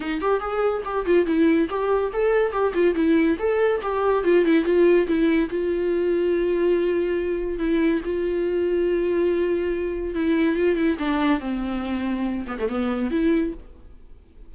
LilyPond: \new Staff \with { instrumentName = "viola" } { \time 4/4 \tempo 4 = 142 dis'8 g'8 gis'4 g'8 f'8 e'4 | g'4 a'4 g'8 f'8 e'4 | a'4 g'4 f'8 e'8 f'4 | e'4 f'2.~ |
f'2 e'4 f'4~ | f'1 | e'4 f'8 e'8 d'4 c'4~ | c'4. b16 a16 b4 e'4 | }